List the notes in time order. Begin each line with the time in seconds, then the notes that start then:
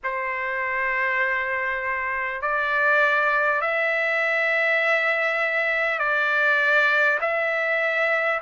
0.03 C5
2.41 D5
3.61 E5
5.98 D5
7.21 E5